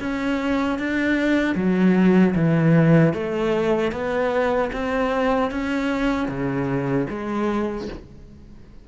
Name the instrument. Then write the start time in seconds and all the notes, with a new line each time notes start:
cello
0.00 C#4
0.79 D4
1.56 F#3
2.35 E3
3.14 A3
3.92 B3
4.73 C4
5.51 C#4
6.28 C#3
7.10 G#3